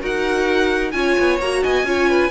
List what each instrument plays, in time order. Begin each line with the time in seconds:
0.00 cello D#4, viola F#4, violin A#4 F#5
0.92 cello C#4, viola F4, violin C#5 G#5
1.19 cello B3
1.40 cello A#3, viola F#4, violin A#5
1.63 cello B3, violin D#5 G#5
1.83 cello C#4, viola F4, violin C#5
2.10 violin B4